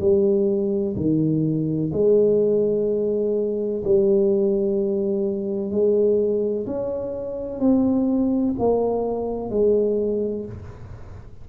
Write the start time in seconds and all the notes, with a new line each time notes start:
0.00 G3
0.96 D#3
1.93 G#3
3.84 G3
5.71 G#3
6.66 C#4
7.59 C4
8.58 A#3
9.49 G#3